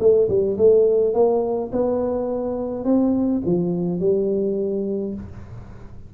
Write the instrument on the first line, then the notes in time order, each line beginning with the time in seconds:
tuba
0.00 A3
0.29 G3
0.58 A3
1.14 A#3
1.73 B3
2.85 C4
3.46 F3
4.00 G3